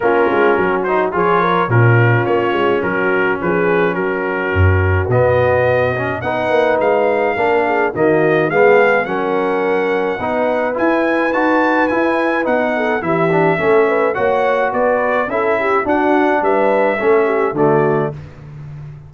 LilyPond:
<<
  \new Staff \with { instrumentName = "trumpet" } { \time 4/4 \tempo 4 = 106 ais'4. c''8 cis''4 ais'4 | cis''4 ais'4 b'4 ais'4~ | ais'4 dis''2 fis''4 | f''2 dis''4 f''4 |
fis''2. gis''4 | a''4 gis''4 fis''4 e''4~ | e''4 fis''4 d''4 e''4 | fis''4 e''2 d''4 | }
  \new Staff \with { instrumentName = "horn" } { \time 4/4 f'4 fis'4 gis'8 ais'8 f'4~ | f'4 fis'4 gis'4 fis'4~ | fis'2. b'4~ | b'4 ais'8 gis'8 fis'4 gis'4 |
ais'2 b'2~ | b'2~ b'8 a'8 g'4 | a'8 b'8 cis''4 b'4 a'8 g'8 | fis'4 b'4 a'8 g'8 fis'4 | }
  \new Staff \with { instrumentName = "trombone" } { \time 4/4 cis'4. dis'8 f'4 cis'4~ | cis'1~ | cis'4 b4. cis'8 dis'4~ | dis'4 d'4 ais4 b4 |
cis'2 dis'4 e'4 | fis'4 e'4 dis'4 e'8 d'8 | cis'4 fis'2 e'4 | d'2 cis'4 a4 | }
  \new Staff \with { instrumentName = "tuba" } { \time 4/4 ais8 gis8 fis4 f4 ais,4 | ais8 gis8 fis4 f4 fis4 | fis,4 b,2 b8 ais8 | gis4 ais4 dis4 gis4 |
fis2 b4 e'4 | dis'4 e'4 b4 e4 | a4 ais4 b4 cis'4 | d'4 g4 a4 d4 | }
>>